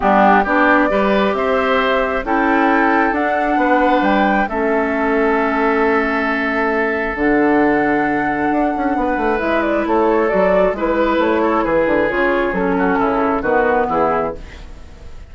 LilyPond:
<<
  \new Staff \with { instrumentName = "flute" } { \time 4/4 \tempo 4 = 134 g'4 d''2 e''4~ | e''4 g''2 fis''4~ | fis''4 g''4 e''2~ | e''1 |
fis''1~ | fis''4 e''8 d''8 cis''4 d''4 | b'4 cis''4 b'4 cis''4 | a'2 b'4 gis'4 | }
  \new Staff \with { instrumentName = "oboe" } { \time 4/4 d'4 g'4 b'4 c''4~ | c''4 a'2. | b'2 a'2~ | a'1~ |
a'1 | b'2 a'2 | b'4. a'8 gis'2~ | gis'8 fis'8 e'4 fis'4 e'4 | }
  \new Staff \with { instrumentName = "clarinet" } { \time 4/4 b4 d'4 g'2~ | g'4 e'2 d'4~ | d'2 cis'2~ | cis'1 |
d'1~ | d'4 e'2 fis'4 | e'2. f'4 | cis'2 b2 | }
  \new Staff \with { instrumentName = "bassoon" } { \time 4/4 g4 b4 g4 c'4~ | c'4 cis'2 d'4 | b4 g4 a2~ | a1 |
d2. d'8 cis'8 | b8 a8 gis4 a4 fis4 | gis4 a4 e8 d8 cis4 | fis4 cis4 dis4 e4 | }
>>